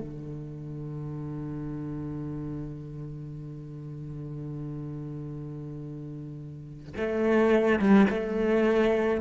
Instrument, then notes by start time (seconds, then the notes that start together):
cello
0.00 D3
6.97 A3
7.79 G3
8.10 A3